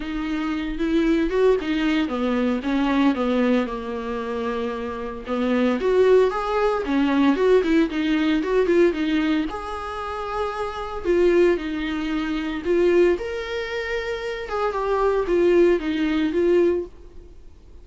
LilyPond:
\new Staff \with { instrumentName = "viola" } { \time 4/4 \tempo 4 = 114 dis'4. e'4 fis'8 dis'4 | b4 cis'4 b4 ais4~ | ais2 b4 fis'4 | gis'4 cis'4 fis'8 e'8 dis'4 |
fis'8 f'8 dis'4 gis'2~ | gis'4 f'4 dis'2 | f'4 ais'2~ ais'8 gis'8 | g'4 f'4 dis'4 f'4 | }